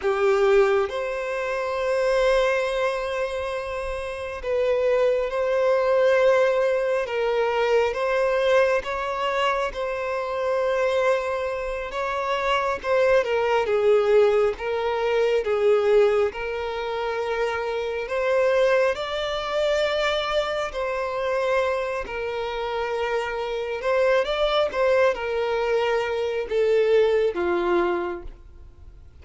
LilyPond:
\new Staff \with { instrumentName = "violin" } { \time 4/4 \tempo 4 = 68 g'4 c''2.~ | c''4 b'4 c''2 | ais'4 c''4 cis''4 c''4~ | c''4. cis''4 c''8 ais'8 gis'8~ |
gis'8 ais'4 gis'4 ais'4.~ | ais'8 c''4 d''2 c''8~ | c''4 ais'2 c''8 d''8 | c''8 ais'4. a'4 f'4 | }